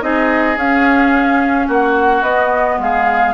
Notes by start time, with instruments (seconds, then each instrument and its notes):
0.00 bassoon C4, clarinet D#4, oboe G#4, flute D#5
0.56 bassoon C#4, clarinet C#4, flute F5
1.67 bassoon A#3, oboe F#4, flute F#5
2.21 bassoon B3, clarinet B3, flute D#5
2.78 bassoon G#3, oboe G#4, flute F5